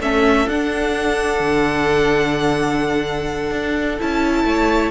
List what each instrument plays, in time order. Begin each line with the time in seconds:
0.00 cello A3, viola C#4, violin A4 E5
0.46 cello D4, viola D4, violin F#5
1.40 cello D3
3.51 cello D4
3.99 cello C#4, viola E4, violin A5
4.44 cello A3, violin C#5